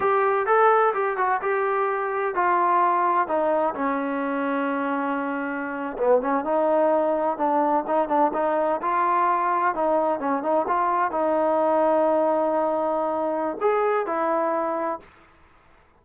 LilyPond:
\new Staff \with { instrumentName = "trombone" } { \time 4/4 \tempo 4 = 128 g'4 a'4 g'8 fis'8 g'4~ | g'4 f'2 dis'4 | cis'1~ | cis'8. b8 cis'8 dis'2 d'16~ |
d'8. dis'8 d'8 dis'4 f'4~ f'16~ | f'8. dis'4 cis'8 dis'8 f'4 dis'16~ | dis'1~ | dis'4 gis'4 e'2 | }